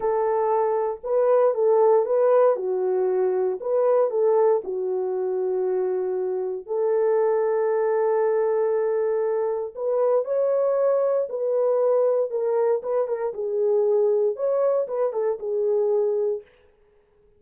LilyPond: \new Staff \with { instrumentName = "horn" } { \time 4/4 \tempo 4 = 117 a'2 b'4 a'4 | b'4 fis'2 b'4 | a'4 fis'2.~ | fis'4 a'2.~ |
a'2. b'4 | cis''2 b'2 | ais'4 b'8 ais'8 gis'2 | cis''4 b'8 a'8 gis'2 | }